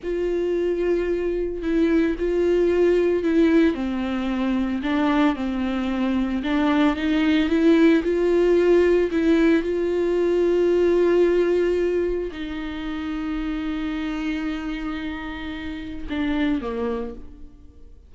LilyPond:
\new Staff \with { instrumentName = "viola" } { \time 4/4 \tempo 4 = 112 f'2. e'4 | f'2 e'4 c'4~ | c'4 d'4 c'2 | d'4 dis'4 e'4 f'4~ |
f'4 e'4 f'2~ | f'2. dis'4~ | dis'1~ | dis'2 d'4 ais4 | }